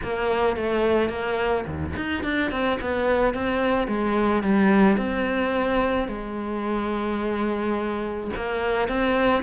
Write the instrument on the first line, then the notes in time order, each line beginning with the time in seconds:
cello
0.03 A#3
0.56 A3
1.09 A#3
1.66 D#2
1.96 D#4
2.23 D4
2.51 C4
2.80 B3
3.34 C4
3.87 G#3
4.42 G3
4.97 C4
6.08 G#3
8.35 A#3
8.88 C4